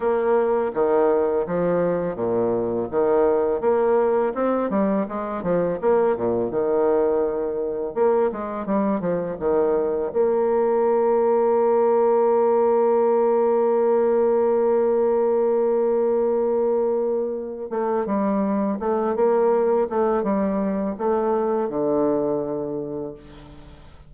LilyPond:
\new Staff \with { instrumentName = "bassoon" } { \time 4/4 \tempo 4 = 83 ais4 dis4 f4 ais,4 | dis4 ais4 c'8 g8 gis8 f8 | ais8 ais,8 dis2 ais8 gis8 | g8 f8 dis4 ais2~ |
ais1~ | ais1~ | ais8 a8 g4 a8 ais4 a8 | g4 a4 d2 | }